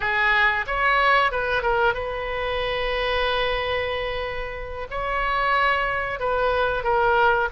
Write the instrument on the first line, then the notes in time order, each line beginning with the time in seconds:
oboe
0.00 G#4
0.66 C#5
1.31 B4
1.62 A#4
1.94 B4
4.90 C#5
6.19 B4
6.83 A#4